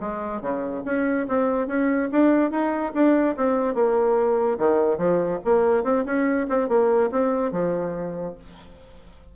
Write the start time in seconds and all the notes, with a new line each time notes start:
0.00 G#3
0.41 C#3
0.85 C#4
1.28 C4
1.67 C#4
2.12 D4
2.51 D#4
2.94 D4
3.37 C4
3.75 A#3
4.58 D#3
4.98 F3
5.45 A#3
5.84 C4
6.05 C#4
6.49 C4
6.69 A#3
7.11 C4
7.52 F3